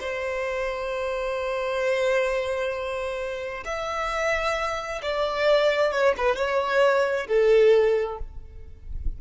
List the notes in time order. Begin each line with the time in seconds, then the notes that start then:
0.00 C5
3.64 E5
5.02 D5
5.92 C#5
6.17 B4
6.36 C#5
7.27 A4